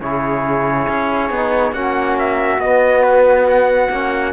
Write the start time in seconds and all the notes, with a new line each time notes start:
0.00 C#3 E4 G#4 C#5
0.88 C#4
1.30 B3 D#4
1.73 A#3 C#4 F#4 F#5
2.19 E5
2.58 B3 D#5
3.03 B4
3.49 F#5
3.90 A#3 C#4